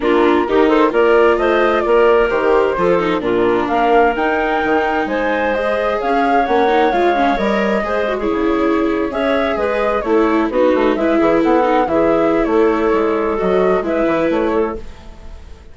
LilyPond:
<<
  \new Staff \with { instrumentName = "flute" } { \time 4/4 \tempo 4 = 130 ais'4. c''8 d''4 dis''4 | d''4 c''2 ais'4 | f''4 g''2 gis''4 | dis''4 f''4 fis''4 f''4 |
dis''4.~ dis''16 cis''2 e''16~ | e''8. dis''4 cis''4 b'4 e''16~ | e''8. fis''4 e''4~ e''16 cis''4~ | cis''4 dis''4 e''4 cis''4 | }
  \new Staff \with { instrumentName = "clarinet" } { \time 4/4 f'4 g'8 a'8 ais'4 c''4 | ais'2 a'4 f'4 | ais'2. c''4~ | c''4 cis''2.~ |
cis''4 c''8. gis'2 cis''16~ | cis''8. b'4 a'4 fis'4 b'16~ | b'16 gis'8 a'4 gis'4~ gis'16 a'4~ | a'2 b'4. a'8 | }
  \new Staff \with { instrumentName = "viola" } { \time 4/4 d'4 dis'4 f'2~ | f'4 g'4 f'8 dis'8 d'4~ | d'4 dis'2. | gis'2 cis'8 dis'8 f'8 cis'8 |
ais'4 gis'8 fis'16 e'2 gis'16~ | gis'4.~ gis'16 e'4 dis'4 e'16~ | e'4~ e'16 dis'8 e'2~ e'16~ | e'4 fis'4 e'2 | }
  \new Staff \with { instrumentName = "bassoon" } { \time 4/4 ais4 dis4 ais4 a4 | ais4 dis4 f4 ais,4 | ais4 dis'4 dis4 gis4~ | gis4 cis'4 ais4 gis4 |
g4 gis4 cis4.~ cis16 cis'16~ | cis'8. gis4 a4 b8 a8 gis16~ | gis16 e8 b4 e4~ e16 a4 | gis4 fis4 gis8 e8 a4 | }
>>